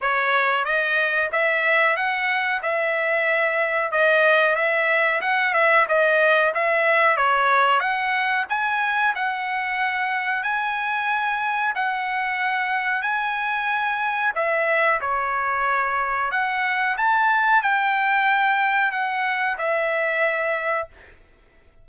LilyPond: \new Staff \with { instrumentName = "trumpet" } { \time 4/4 \tempo 4 = 92 cis''4 dis''4 e''4 fis''4 | e''2 dis''4 e''4 | fis''8 e''8 dis''4 e''4 cis''4 | fis''4 gis''4 fis''2 |
gis''2 fis''2 | gis''2 e''4 cis''4~ | cis''4 fis''4 a''4 g''4~ | g''4 fis''4 e''2 | }